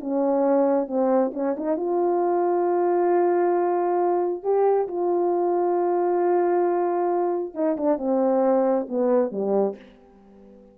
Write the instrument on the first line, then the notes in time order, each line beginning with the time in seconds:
horn
0.00 C#4
0.87 C4
1.34 C#4
1.57 D#4
1.77 F4
4.43 G4
4.88 F4
7.54 D#4
7.77 D4
7.98 C4
8.89 B3
9.31 G3